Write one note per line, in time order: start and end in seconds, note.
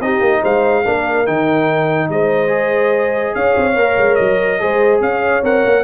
0.00 0.20 C4
0.00 0.84 D#4
0.00 0.41 G4
0.00 0.43 D#5
0.20 0.41 A#3
0.41 0.86 G#3
0.41 0.83 C5
0.41 1.27 F5
0.84 1.28 A#3
0.84 1.26 D4
0.84 2.09 A#4
1.26 2.09 D#3
1.26 2.48 D#4
1.26 2.10 G5
2.09 3.34 G#3
2.09 3.36 C5
2.09 3.35 D#5
2.48 3.73 G#4
3.35 3.56 C#4
3.35 4.61 C#5
3.35 4.15 F5
3.57 3.76 C4
3.76 3.97 A#3
3.76 4.60 A#4
3.97 4.18 G#3
4.15 4.61 F#3
4.15 4.98 D#5
4.60 5.00 G#3
4.60 5.43 G#4
4.60 5.03 C5
5.00 5.42 C#4
5.00 5.84 C#5
5.00 5.43 F5
5.43 5.64 C4
5.43 5.84 A#4
5.43 5.84 F#5
5.66 5.84 A#3